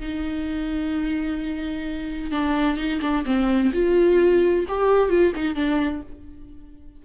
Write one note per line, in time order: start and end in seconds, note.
0.00 2.32 D#4
2.32 2.77 D4
2.77 3.00 D#4
3.02 3.25 D4
3.26 3.72 C4
3.73 4.66 F4
4.68 5.10 G4
5.10 5.33 F4
5.36 5.55 D#4
5.55 6.02 D4